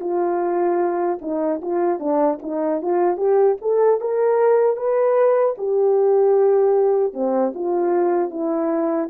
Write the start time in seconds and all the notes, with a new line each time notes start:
0.00 F4
1.21 D#4
1.62 F4
1.99 D4
2.42 D#4
2.82 F4
3.17 G4
3.61 A4
4.00 A#4
4.76 B4
5.58 G4
7.13 C4
7.54 F4
8.30 E4